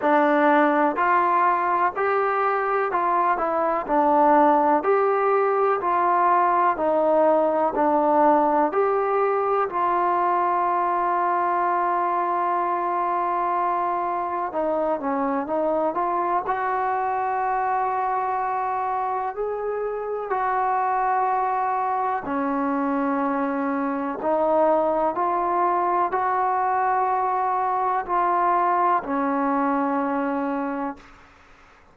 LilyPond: \new Staff \with { instrumentName = "trombone" } { \time 4/4 \tempo 4 = 62 d'4 f'4 g'4 f'8 e'8 | d'4 g'4 f'4 dis'4 | d'4 g'4 f'2~ | f'2. dis'8 cis'8 |
dis'8 f'8 fis'2. | gis'4 fis'2 cis'4~ | cis'4 dis'4 f'4 fis'4~ | fis'4 f'4 cis'2 | }